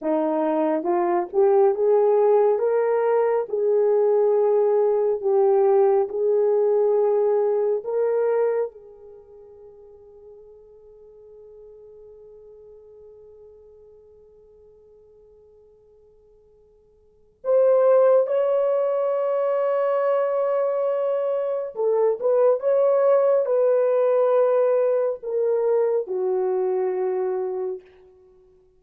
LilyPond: \new Staff \with { instrumentName = "horn" } { \time 4/4 \tempo 4 = 69 dis'4 f'8 g'8 gis'4 ais'4 | gis'2 g'4 gis'4~ | gis'4 ais'4 gis'2~ | gis'1~ |
gis'1 | c''4 cis''2.~ | cis''4 a'8 b'8 cis''4 b'4~ | b'4 ais'4 fis'2 | }